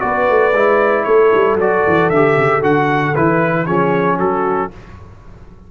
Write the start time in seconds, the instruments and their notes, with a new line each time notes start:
0.00 tuba B3, trombone F#4, horn B4, trumpet D5
0.30 tuba A3
0.54 tuba G#3, trombone E4
1.04 tuba A3, horn A4, trumpet C#5
1.35 tuba G3
1.56 tuba F#3, trombone F#4, trumpet D5
1.87 tuba E3
2.10 tuba D3, trombone G4, trumpet E5
2.38 tuba C#3
2.62 tuba D3, trombone F#4, trumpet F#5
3.16 tuba E3, trombone E4, trumpet B4
3.66 tuba F3, trombone C#4, horn G#4, trumpet C#5
4.19 tuba F#3, horn F#4, trumpet A4